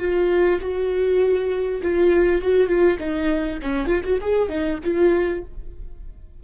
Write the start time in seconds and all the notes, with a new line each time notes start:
0.00 F4
0.62 F#4
1.82 F4
2.42 F#4
2.68 F4
2.99 D#4
3.62 C#4
3.86 F4
4.04 F#4
4.22 G#4
4.49 D#4
4.84 F4